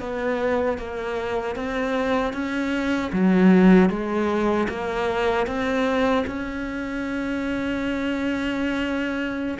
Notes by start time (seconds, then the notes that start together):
0.00 B3
0.78 A#3
1.56 C4
2.33 C#4
3.12 F#3
3.90 G#3
4.69 A#3
5.47 C4
6.27 C#4